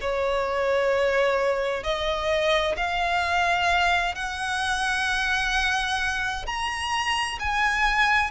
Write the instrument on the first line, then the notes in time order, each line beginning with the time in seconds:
violin
0.00 C#5
1.83 D#5
2.77 F5
4.15 F#5
6.46 A#5
7.39 G#5